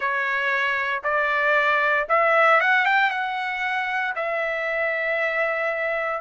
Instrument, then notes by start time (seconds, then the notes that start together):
trumpet
0.00 C#5
1.03 D5
2.08 E5
2.60 F#5
2.85 G5
3.10 F#5
4.15 E5